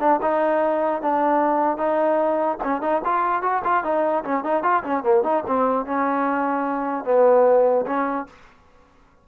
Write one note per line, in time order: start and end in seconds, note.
0.00 0.20 D4
0.22 1.02 D#4
1.02 1.77 D4
1.77 2.58 D#4
2.64 2.82 C#4
2.82 3.02 D#4
3.05 3.42 F4
3.42 3.62 F#4
3.64 3.84 F4
3.84 4.24 D#4
4.24 4.44 C#4
4.44 4.63 D#4
4.63 4.83 F4
4.83 5.03 C#4
5.03 5.23 A#3
5.23 5.44 D#4
5.47 5.86 C4
5.86 7.05 C#4
7.05 7.85 B3
7.86 8.27 C#4